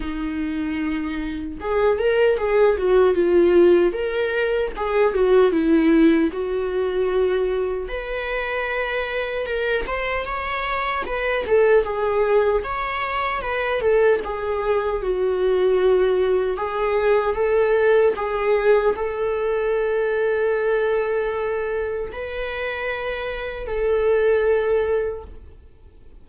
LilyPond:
\new Staff \with { instrumentName = "viola" } { \time 4/4 \tempo 4 = 76 dis'2 gis'8 ais'8 gis'8 fis'8 | f'4 ais'4 gis'8 fis'8 e'4 | fis'2 b'2 | ais'8 c''8 cis''4 b'8 a'8 gis'4 |
cis''4 b'8 a'8 gis'4 fis'4~ | fis'4 gis'4 a'4 gis'4 | a'1 | b'2 a'2 | }